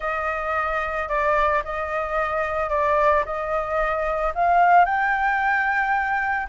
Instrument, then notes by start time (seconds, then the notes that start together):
flute
0.00 D#5
1.08 D5
1.64 D#5
2.69 D5
3.25 D#5
4.35 F5
4.85 G5